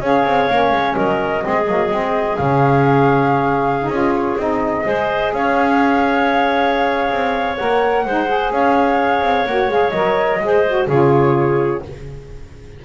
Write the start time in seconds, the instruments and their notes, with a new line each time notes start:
0.00 double bass C#4, saxophone G#4, clarinet C#5, flute F5
0.25 double bass C4
0.50 double bass A#3, saxophone C#4
0.71 double bass G#3
0.95 double bass F#3, clarinet A#4, flute D#5
1.41 saxophone C4, clarinet G#4
1.47 double bass G#3
1.67 double bass F#3, saxophone A#3
1.90 double bass G#3, saxophone C4
2.37 double bass C#3, saxophone C#4, flute F5
3.81 saxophone D#4
3.88 double bass C#4, saxophone F4, flute D#5
4.16 flute C#5
4.37 double bass C4, saxophone D#4, flute D#5
4.84 double bass G#3, saxophone G#4, clarinet C5
5.33 double bass C#4, clarinet C#5, flute F5
7.11 double bass C4
7.57 double bass A#3, saxophone A#4, flute F#5
8.05 double bass G#3, saxophone D#4, clarinet C5
8.27 saxophone G#4
8.50 double bass C#4, clarinet C#5, flute F5
9.21 double bass C4
9.46 double bass A#3, saxophone F#4, flute F#5
9.68 double bass G#3, saxophone G#4, flute F5
9.90 double bass F#3, saxophone A#4, flute D#5
10.39 double bass G#3, saxophone G#4, clarinet C5
10.68 saxophone F#4
10.87 double bass C#3, saxophone F4, clarinet G#4, flute C#5